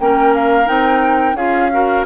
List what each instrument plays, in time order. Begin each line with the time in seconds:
0.00 bassoon A#3, clarinet C#4, oboe A#4, flute G5
0.35 flute F5
0.66 bassoon C4, clarinet D#4, flute G5
1.34 bassoon C#4, clarinet F4, oboe G#4, flute F5
1.72 clarinet F#4, oboe A#4